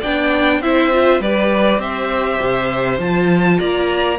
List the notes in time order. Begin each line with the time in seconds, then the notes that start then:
0.00 B3 D4 D5 G5
0.61 C4 E4 C5 E5
0.92 F4
1.20 G3 G4 B4 D5
1.78 C4 C5 E5
2.41 C3
2.98 F3 F4 A5
3.59 A#3 D5 A#5